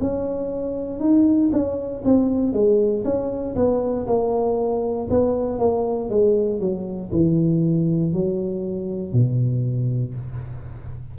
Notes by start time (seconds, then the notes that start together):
0.00 C#4
0.99 D#4
1.52 C#4
2.05 C4
2.53 G#3
3.04 C#4
3.55 B3
4.06 A#3
5.10 B3
5.59 A#3
6.10 G#3
6.60 F#3
7.11 E3
8.13 F#3
9.12 B2